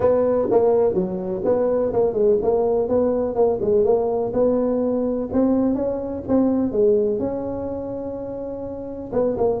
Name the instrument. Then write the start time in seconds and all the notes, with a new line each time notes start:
tuba
0.00 B3
0.50 A#3
0.94 F#3
1.44 B3
1.92 A#3
2.13 G#3
2.41 A#3
2.88 B3
3.35 A#3
3.61 G#3
3.84 A#3
4.33 B3
5.32 C4
5.75 C#4
6.28 C4
6.72 G#3
7.19 C#4
9.12 B3
9.37 A#3